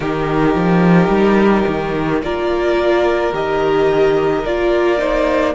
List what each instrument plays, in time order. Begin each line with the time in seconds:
0.00 cello D#3, viola D#4, violin G4 A#4
0.55 cello F3
1.08 cello G3
1.67 cello D#3
2.22 cello A#3, viola F4, violin A#4 D5
3.32 cello D#3, viola G4, violin D#5
4.45 cello A#3, viola F4, violin D5
4.97 viola D#4, violin C5